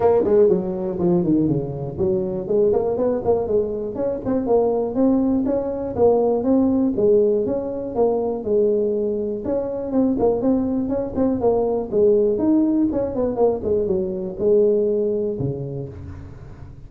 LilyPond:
\new Staff \with { instrumentName = "tuba" } { \time 4/4 \tempo 4 = 121 ais8 gis8 fis4 f8 dis8 cis4 | fis4 gis8 ais8 b8 ais8 gis4 | cis'8 c'8 ais4 c'4 cis'4 | ais4 c'4 gis4 cis'4 |
ais4 gis2 cis'4 | c'8 ais8 c'4 cis'8 c'8 ais4 | gis4 dis'4 cis'8 b8 ais8 gis8 | fis4 gis2 cis4 | }